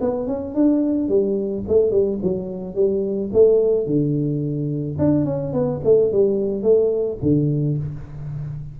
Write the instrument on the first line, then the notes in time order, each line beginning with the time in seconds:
tuba
0.00 B3
0.27 C#4
0.54 D4
1.08 G3
1.68 A3
1.91 G3
2.22 F#3
2.74 G3
3.33 A3
3.86 D3
4.98 D4
5.25 C#4
5.53 B3
5.84 A3
6.12 G3
6.62 A3
7.22 D3